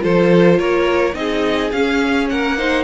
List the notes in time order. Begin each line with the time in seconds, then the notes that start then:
0.00 F3 F4 A4 C5
0.58 A#3 A#4 C#5
1.14 C4 D#4 G#4 D#5
1.71 C#4 F5
2.30 A#3 A#4 F#5
2.57 D#4 C5